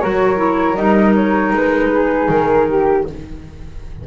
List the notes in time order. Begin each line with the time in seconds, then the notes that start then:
0.00 F#3 F#4 A#4 C#5
0.37 E4
0.76 G3 D#4 D#5
1.15 C#5
1.53 G#3 B4
1.93 G#4
2.29 D#3 A#4
2.69 G4